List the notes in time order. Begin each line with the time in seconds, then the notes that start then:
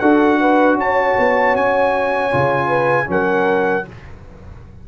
0.00 D4 F#4 A4 F#5
0.41 B4
0.75 C#4 C#5 A5
1.19 B3
1.56 C#4 G#5
2.32 C#3 F4
2.68 B4
3.06 F#3 C#4 A#4 F#5